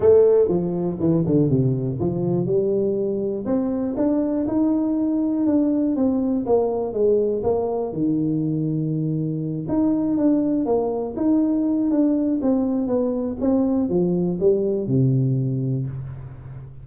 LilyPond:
\new Staff \with { instrumentName = "tuba" } { \time 4/4 \tempo 4 = 121 a4 f4 e8 d8 c4 | f4 g2 c'4 | d'4 dis'2 d'4 | c'4 ais4 gis4 ais4 |
dis2.~ dis8 dis'8~ | dis'8 d'4 ais4 dis'4. | d'4 c'4 b4 c'4 | f4 g4 c2 | }